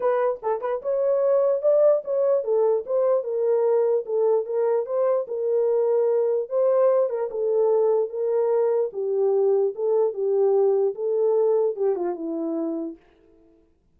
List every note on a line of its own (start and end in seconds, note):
0.00 0.40 B4
0.42 0.61 A4
0.61 0.81 B4
0.82 1.62 C#5
1.62 2.02 D5
2.04 2.44 C#5
2.44 2.84 A4
2.86 3.23 C5
3.23 4.04 A#4
4.05 4.45 A4
4.45 4.86 A#4
4.86 5.26 C5
5.27 6.49 A#4
6.49 7.09 C5
7.09 7.29 A#4
7.30 8.09 A4
8.09 8.90 A#4
8.92 9.74 G4
9.75 10.13 A4
10.13 10.94 G4
10.95 11.76 A4
11.76 11.95 G4
11.95 12.15 F4
12.15 12.96 E4